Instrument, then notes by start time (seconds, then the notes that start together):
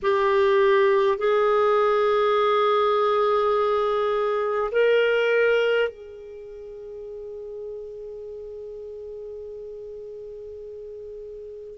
clarinet
0.02 G4
1.18 G#4
4.71 A#4
5.88 G#4